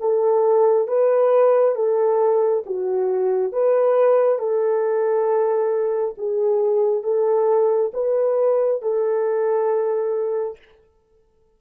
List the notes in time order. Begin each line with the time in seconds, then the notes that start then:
0.00 A4
0.88 B4
1.75 A4
2.66 F#4
3.53 B4
4.39 A4
6.18 G#4
7.03 A4
7.94 B4
8.82 A4